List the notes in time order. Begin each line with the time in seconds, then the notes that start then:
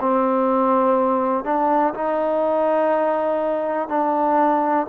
0.00 C4
1.44 D4
1.94 D#4
3.89 D4